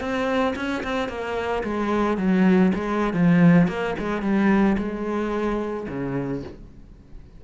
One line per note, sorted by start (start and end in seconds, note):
0.00 0.55 C4
0.56 0.83 C#4
0.83 1.09 C4
1.09 1.63 A#3
1.64 2.18 G#3
2.18 2.72 F#3
2.75 3.13 G#3
3.13 3.68 F3
3.68 3.95 A#3
3.99 4.22 G#3
4.22 4.77 G3
4.78 5.87 G#3
5.89 6.43 C#3